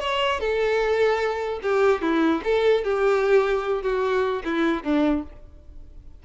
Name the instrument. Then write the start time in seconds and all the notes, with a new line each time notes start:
violin
0.00 C#5
0.40 A4
1.62 G4
2.02 E4
2.44 A4
2.84 G4
3.82 F#4
4.44 E4
4.83 D4